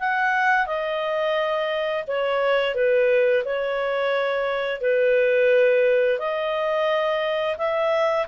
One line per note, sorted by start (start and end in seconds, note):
0.00 0.67 F#5
0.67 2.05 D#5
2.08 2.75 C#5
2.75 3.44 B4
3.45 4.81 C#5
4.81 6.19 B4
6.19 7.57 D#5
7.58 8.27 E5